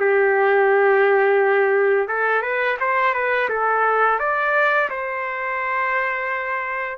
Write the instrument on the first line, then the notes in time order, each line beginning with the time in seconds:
trumpet
0.00 G4
2.08 A4
2.42 B4
2.80 C5
3.14 B4
3.49 A4
4.19 D5
4.90 C5